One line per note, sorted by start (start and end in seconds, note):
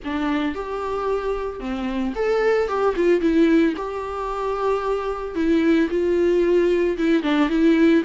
0.04 0.54 D4
0.54 1.59 G4
1.59 2.13 C4
2.15 2.67 A4
2.67 2.94 G4
2.96 3.20 F4
3.20 3.74 E4
3.76 5.35 G4
5.35 5.89 E4
5.90 6.97 F4
6.97 7.22 E4
7.22 7.49 D4
7.49 8.03 E4